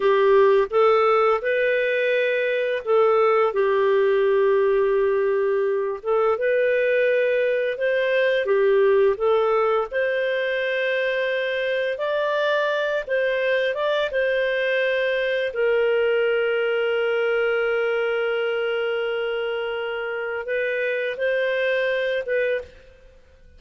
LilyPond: \new Staff \with { instrumentName = "clarinet" } { \time 4/4 \tempo 4 = 85 g'4 a'4 b'2 | a'4 g'2.~ | g'8 a'8 b'2 c''4 | g'4 a'4 c''2~ |
c''4 d''4. c''4 d''8 | c''2 ais'2~ | ais'1~ | ais'4 b'4 c''4. b'8 | }